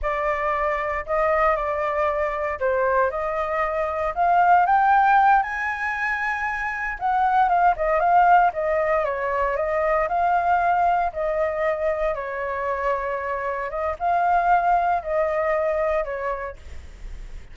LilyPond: \new Staff \with { instrumentName = "flute" } { \time 4/4 \tempo 4 = 116 d''2 dis''4 d''4~ | d''4 c''4 dis''2 | f''4 g''4. gis''4.~ | gis''4. fis''4 f''8 dis''8 f''8~ |
f''8 dis''4 cis''4 dis''4 f''8~ | f''4. dis''2 cis''8~ | cis''2~ cis''8 dis''8 f''4~ | f''4 dis''2 cis''4 | }